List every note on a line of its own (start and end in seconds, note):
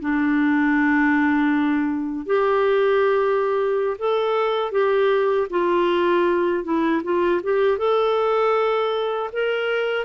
0.00 2.25 D4
2.25 3.97 G4
3.98 4.71 A4
4.71 5.47 G4
5.50 6.64 F4
6.64 7.02 E4
7.03 7.41 F4
7.43 7.78 G4
7.78 9.30 A4
9.32 10.05 A#4